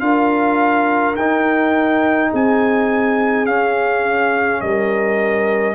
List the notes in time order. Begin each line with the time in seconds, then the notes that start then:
0.00 D4 F4 A#4 F5
1.15 D#4 G5
2.31 C4 G#4 G#5
3.46 C#4 F5
4.61 G3 A#4 D#5